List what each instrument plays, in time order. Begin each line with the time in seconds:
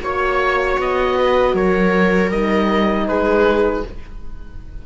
0.00 cello A#3, horn F#4, viola C#5, oboe C#5
0.78 cello B3, oboe D#5
1.17 viola B4
1.53 cello F#3, viola A#4, oboe C#5
2.30 cello G3, horn D#4, oboe D#5
3.06 cello G#3, viola G#4, oboe B4